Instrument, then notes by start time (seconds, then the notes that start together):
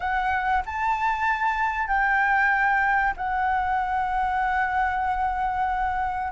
flute
0.00 F#5
0.65 A5
1.87 G5
3.16 F#5